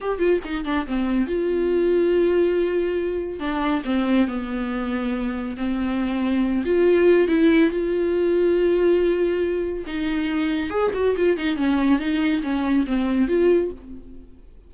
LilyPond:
\new Staff \with { instrumentName = "viola" } { \time 4/4 \tempo 4 = 140 g'8 f'8 dis'8 d'8 c'4 f'4~ | f'1 | d'4 c'4 b2~ | b4 c'2~ c'8 f'8~ |
f'4 e'4 f'2~ | f'2. dis'4~ | dis'4 gis'8 fis'8 f'8 dis'8 cis'4 | dis'4 cis'4 c'4 f'4 | }